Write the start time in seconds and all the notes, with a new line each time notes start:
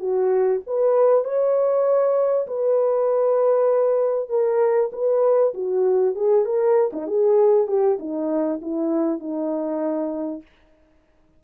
0.00 F#4
0.67 B4
1.25 C#5
2.47 B4
4.29 A#4
4.93 B4
5.54 F#4
6.15 G#4
6.46 A#4
6.93 D#4
7.07 G#4
7.68 G4
8.00 D#4
8.62 E4
9.20 D#4